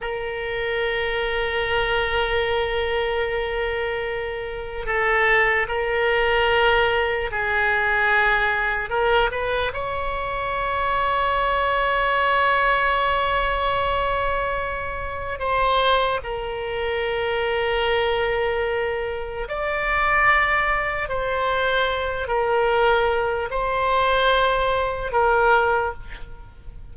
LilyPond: \new Staff \with { instrumentName = "oboe" } { \time 4/4 \tempo 4 = 74 ais'1~ | ais'2 a'4 ais'4~ | ais'4 gis'2 ais'8 b'8 | cis''1~ |
cis''2. c''4 | ais'1 | d''2 c''4. ais'8~ | ais'4 c''2 ais'4 | }